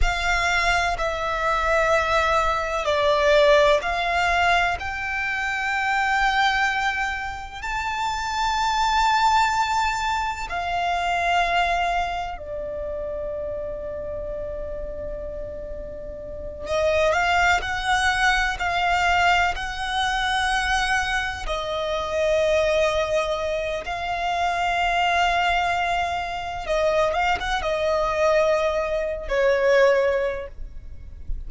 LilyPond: \new Staff \with { instrumentName = "violin" } { \time 4/4 \tempo 4 = 63 f''4 e''2 d''4 | f''4 g''2. | a''2. f''4~ | f''4 d''2.~ |
d''4. dis''8 f''8 fis''4 f''8~ | f''8 fis''2 dis''4.~ | dis''4 f''2. | dis''8 f''16 fis''16 dis''4.~ dis''16 cis''4~ cis''16 | }